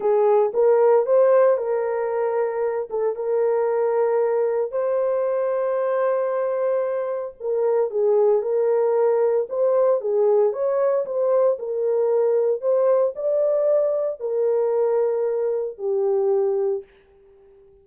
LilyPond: \new Staff \with { instrumentName = "horn" } { \time 4/4 \tempo 4 = 114 gis'4 ais'4 c''4 ais'4~ | ais'4. a'8 ais'2~ | ais'4 c''2.~ | c''2 ais'4 gis'4 |
ais'2 c''4 gis'4 | cis''4 c''4 ais'2 | c''4 d''2 ais'4~ | ais'2 g'2 | }